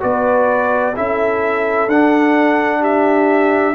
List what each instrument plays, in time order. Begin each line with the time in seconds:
0.00 tuba B3, trombone F#4, horn B4, trumpet D5
0.95 tuba C#4, trombone E4, horn A4, trumpet E5
1.87 tuba D4, trombone D4, trumpet F#5
2.80 horn G4, trumpet E5